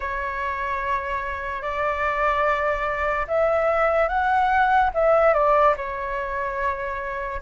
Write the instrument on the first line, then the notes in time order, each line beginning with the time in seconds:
flute
0.00 C#5
1.61 D5
3.27 E5
4.08 F#5
4.94 E5
5.33 D5
5.76 C#5